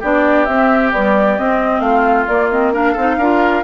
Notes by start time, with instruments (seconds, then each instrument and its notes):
0.00 bassoon B3, clarinet D4, oboe G4, flute D5
0.45 bassoon C4, clarinet C4, flute E5
0.93 clarinet G3, bassoon B3, flute D5
1.39 bassoon C4, clarinet C4, flute D#5
1.80 bassoon A3, oboe F4, flute F5
2.27 bassoon A#3, clarinet A#3, flute D5
2.51 clarinet C4, flute D#5
2.73 clarinet D4, oboe A#4, flute F5
2.93 bassoon C4, clarinet D#4, oboe A4
3.18 bassoon D4, clarinet F4, oboe A#4